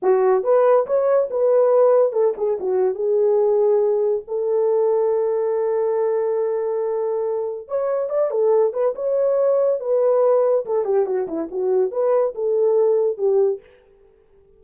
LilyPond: \new Staff \with { instrumentName = "horn" } { \time 4/4 \tempo 4 = 141 fis'4 b'4 cis''4 b'4~ | b'4 a'8 gis'8 fis'4 gis'4~ | gis'2 a'2~ | a'1~ |
a'2 cis''4 d''8 a'8~ | a'8 b'8 cis''2 b'4~ | b'4 a'8 g'8 fis'8 e'8 fis'4 | b'4 a'2 g'4 | }